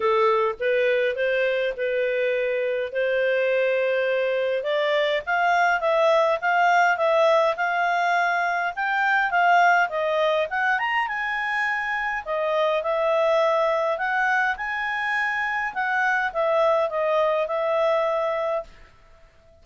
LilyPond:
\new Staff \with { instrumentName = "clarinet" } { \time 4/4 \tempo 4 = 103 a'4 b'4 c''4 b'4~ | b'4 c''2. | d''4 f''4 e''4 f''4 | e''4 f''2 g''4 |
f''4 dis''4 fis''8 ais''8 gis''4~ | gis''4 dis''4 e''2 | fis''4 gis''2 fis''4 | e''4 dis''4 e''2 | }